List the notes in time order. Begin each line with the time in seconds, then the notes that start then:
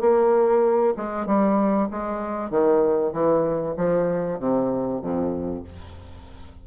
0.00 A#3
0.97 G#3
1.26 G3
1.91 G#3
2.50 D#3
3.12 E3
3.77 F3
4.39 C3
5.01 F2